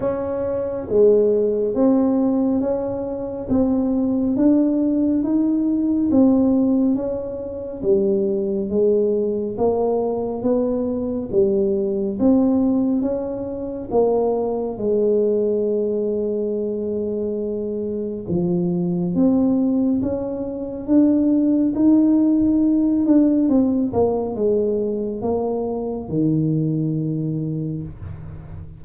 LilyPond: \new Staff \with { instrumentName = "tuba" } { \time 4/4 \tempo 4 = 69 cis'4 gis4 c'4 cis'4 | c'4 d'4 dis'4 c'4 | cis'4 g4 gis4 ais4 | b4 g4 c'4 cis'4 |
ais4 gis2.~ | gis4 f4 c'4 cis'4 | d'4 dis'4. d'8 c'8 ais8 | gis4 ais4 dis2 | }